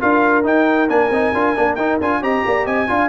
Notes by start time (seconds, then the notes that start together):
0.00 D4 F4 A#4 F5
0.44 D#4 G5
0.89 A#3 D4 G#5
1.10 C4 D#4
1.33 D4 F4
1.56 A#3 D4
1.75 D#4 G5
2.00 D4 F4 G#5
2.21 C4 G4 D#5 A#5
2.46 A#3 D5
2.65 C4 D#5 G#5
2.88 D4 F4 F5